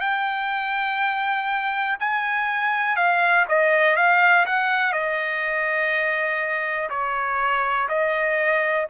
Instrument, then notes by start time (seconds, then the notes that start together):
trumpet
0.00 G5
2.00 G#5
2.96 F5
3.48 D#5
3.96 F5
4.46 F#5
4.92 D#5
6.89 C#5
7.88 D#5